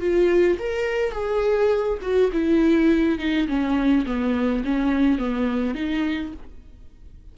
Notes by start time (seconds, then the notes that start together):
0.00 F4
0.59 A#4
1.12 G#4
2.02 F#4
2.32 E4
3.19 D#4
3.48 C#4
4.06 B3
4.64 C#4
5.19 B3
5.75 D#4